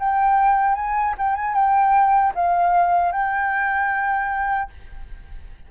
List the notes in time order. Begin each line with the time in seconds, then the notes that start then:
0.00 G5
0.75 G#5
1.18 G5
1.36 G#5
1.55 G5
2.35 F5
3.13 G5